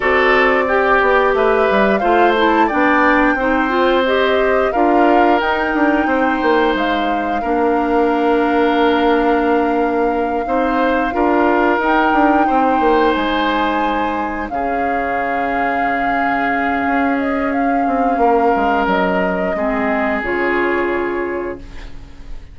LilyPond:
<<
  \new Staff \with { instrumentName = "flute" } { \time 4/4 \tempo 4 = 89 d''2 e''4 f''8 a''8 | g''2 dis''4 f''4 | g''2 f''2~ | f''1~ |
f''4. g''2 gis''8~ | gis''4. f''2~ f''8~ | f''4. dis''8 f''2 | dis''2 cis''2 | }
  \new Staff \with { instrumentName = "oboe" } { \time 4/4 a'4 g'4 b'4 c''4 | d''4 c''2 ais'4~ | ais'4 c''2 ais'4~ | ais'2.~ ais'8 c''8~ |
c''8 ais'2 c''4.~ | c''4. gis'2~ gis'8~ | gis'2. ais'4~ | ais'4 gis'2. | }
  \new Staff \with { instrumentName = "clarinet" } { \time 4/4 fis'4 g'2 f'8 e'8 | d'4 dis'8 f'8 g'4 f'4 | dis'2. d'4~ | d'2.~ d'8 dis'8~ |
dis'8 f'4 dis'2~ dis'8~ | dis'4. cis'2~ cis'8~ | cis'1~ | cis'4 c'4 f'2 | }
  \new Staff \with { instrumentName = "bassoon" } { \time 4/4 c'4. b8 a8 g8 a4 | b4 c'2 d'4 | dis'8 d'8 c'8 ais8 gis4 ais4~ | ais2.~ ais8 c'8~ |
c'8 d'4 dis'8 d'8 c'8 ais8 gis8~ | gis4. cis2~ cis8~ | cis4 cis'4. c'8 ais8 gis8 | fis4 gis4 cis2 | }
>>